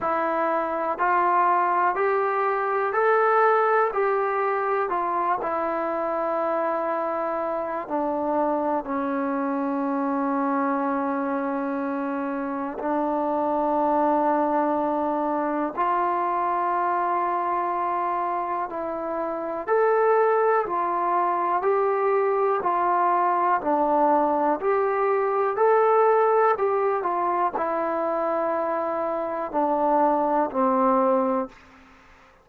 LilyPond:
\new Staff \with { instrumentName = "trombone" } { \time 4/4 \tempo 4 = 61 e'4 f'4 g'4 a'4 | g'4 f'8 e'2~ e'8 | d'4 cis'2.~ | cis'4 d'2. |
f'2. e'4 | a'4 f'4 g'4 f'4 | d'4 g'4 a'4 g'8 f'8 | e'2 d'4 c'4 | }